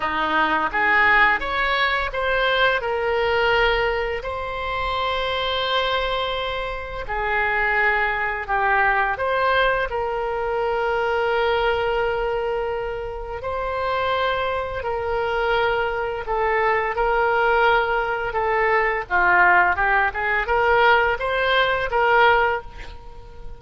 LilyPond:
\new Staff \with { instrumentName = "oboe" } { \time 4/4 \tempo 4 = 85 dis'4 gis'4 cis''4 c''4 | ais'2 c''2~ | c''2 gis'2 | g'4 c''4 ais'2~ |
ais'2. c''4~ | c''4 ais'2 a'4 | ais'2 a'4 f'4 | g'8 gis'8 ais'4 c''4 ais'4 | }